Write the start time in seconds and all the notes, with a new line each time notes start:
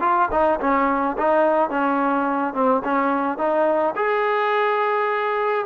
0.00 F4
0.31 D#4
0.60 C#4
1.17 D#4
1.69 C#4
2.54 C4
2.84 C#4
3.38 D#4
3.96 G#4